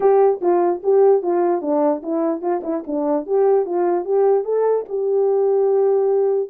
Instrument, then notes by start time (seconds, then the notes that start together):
horn
0.00 G4
0.41 F4
0.83 G4
1.22 F4
1.61 D4
2.03 E4
2.41 F4
2.63 E4
2.87 D4
3.26 G4
3.65 F4
4.04 G4
4.44 A4
4.89 G4